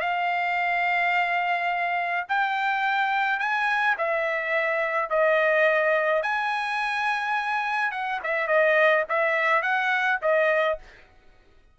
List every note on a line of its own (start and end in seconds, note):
0.00 2.26 F5
2.28 3.39 G5
3.39 3.96 G#5
3.98 5.10 E5
5.10 6.22 D#5
6.22 7.91 G#5
7.91 8.20 F#5
8.23 8.47 E5
8.47 9.04 D#5
9.09 9.62 E5
9.62 10.19 F#5
10.22 10.78 D#5